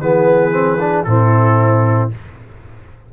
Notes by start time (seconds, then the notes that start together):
0.00 E3 B3 G#4 B4
0.51 C4
0.79 D4
1.04 A2 C4 E4 A4